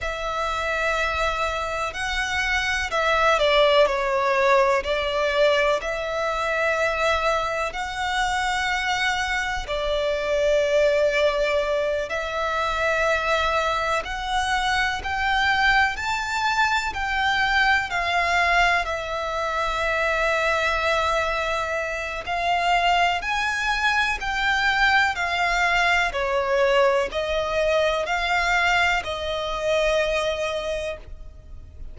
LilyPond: \new Staff \with { instrumentName = "violin" } { \time 4/4 \tempo 4 = 62 e''2 fis''4 e''8 d''8 | cis''4 d''4 e''2 | fis''2 d''2~ | d''8 e''2 fis''4 g''8~ |
g''8 a''4 g''4 f''4 e''8~ | e''2. f''4 | gis''4 g''4 f''4 cis''4 | dis''4 f''4 dis''2 | }